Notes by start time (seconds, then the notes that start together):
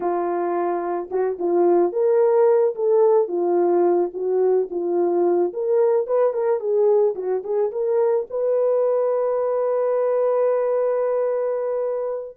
0.00 F4
1.11 F#4
1.39 F4
1.92 A#4
2.75 A4
3.28 F4
4.13 F#4
4.70 F4
5.53 A#4
6.07 B4
6.33 A#4
6.60 G#4
7.15 F#4
7.43 G#4
7.71 A#4
8.30 B4